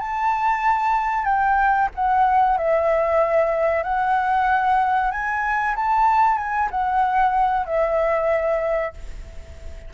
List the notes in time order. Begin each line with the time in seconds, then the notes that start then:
0.00 A5
1.25 G5
1.95 F#5
2.58 E5
3.84 F#5
5.12 G#5
5.76 A5
6.38 G#5
6.71 F#5
7.66 E5